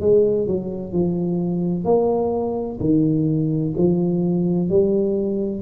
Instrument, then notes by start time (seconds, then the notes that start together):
tuba
0.00 G#3
0.47 F#3
0.92 F3
1.85 A#3
2.80 D#3
3.78 F3
4.69 G3